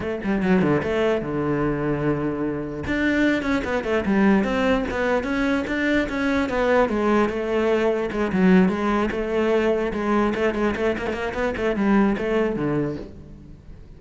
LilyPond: \new Staff \with { instrumentName = "cello" } { \time 4/4 \tempo 4 = 148 a8 g8 fis8 d8 a4 d4~ | d2. d'4~ | d'8 cis'8 b8 a8 g4 c'4 | b4 cis'4 d'4 cis'4 |
b4 gis4 a2 | gis8 fis4 gis4 a4.~ | a8 gis4 a8 gis8 a8 ais16 a16 ais8 | b8 a8 g4 a4 d4 | }